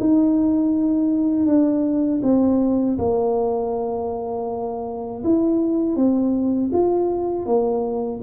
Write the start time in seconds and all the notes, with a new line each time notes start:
0.00 D#4
1.46 D4
2.23 C4
2.98 A#3
5.24 E4
5.96 C4
6.73 F4
7.46 A#3